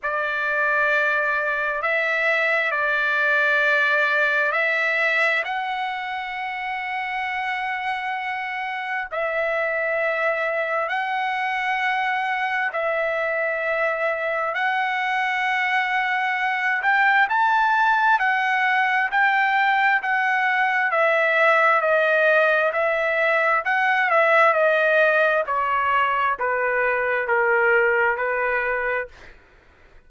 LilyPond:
\new Staff \with { instrumentName = "trumpet" } { \time 4/4 \tempo 4 = 66 d''2 e''4 d''4~ | d''4 e''4 fis''2~ | fis''2 e''2 | fis''2 e''2 |
fis''2~ fis''8 g''8 a''4 | fis''4 g''4 fis''4 e''4 | dis''4 e''4 fis''8 e''8 dis''4 | cis''4 b'4 ais'4 b'4 | }